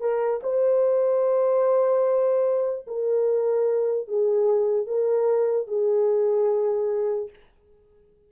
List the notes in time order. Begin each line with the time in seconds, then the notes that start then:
0.00 A#4
0.43 C5
2.87 A#4
4.08 G#4
4.86 A#4
5.68 G#4